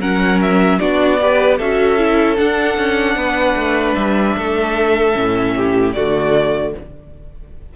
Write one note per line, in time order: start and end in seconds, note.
0.00 0.79 F#3
0.00 0.80 C#4
0.00 0.79 A#4
0.00 0.41 F#5
0.41 0.79 E5
0.79 1.60 B3
0.79 1.19 D4
0.79 1.19 F#4
0.79 1.58 D5
1.20 1.60 G4
1.20 1.58 B4
1.58 2.39 C#4
1.58 1.99 F#4
1.58 3.15 A4
1.58 2.37 E5
1.99 2.37 E4
2.37 5.13 D4
2.37 2.78 D4
2.37 3.95 F#5
2.78 3.15 C#4
3.15 3.55 B3
3.15 4.36 B4
3.56 3.95 A3
3.95 4.36 G3
3.95 5.92 E5
4.36 5.15 A3
4.36 5.55 A4
5.14 5.95 A2
5.14 5.93 C#4
5.56 5.95 G4
5.93 6.74 D3
5.93 6.75 A3
5.93 6.74 F#4
5.93 6.72 D5